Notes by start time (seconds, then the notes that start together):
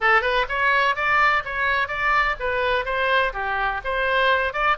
0.00 A4
0.21 B4
0.48 C#5
0.95 D5
1.44 C#5
1.87 D5
2.39 B4
2.85 C5
3.33 G4
3.84 C5
4.53 D5